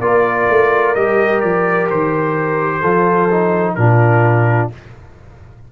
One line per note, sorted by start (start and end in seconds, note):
0.00 0.47 A#3
0.00 0.95 F4
0.00 2.81 A#4
0.00 0.94 D5
0.49 0.96 A3
0.95 1.43 G3
0.95 2.83 G4
0.95 1.40 D#5
1.40 1.90 F3
1.40 1.87 D5
1.90 2.83 D#3
1.90 3.74 C5
2.81 3.76 F3
2.81 3.29 F4
2.81 3.74 A4
3.31 3.78 D#4
3.74 4.70 A#2
3.74 4.71 D4
3.74 4.72 F4
3.74 4.68 A#4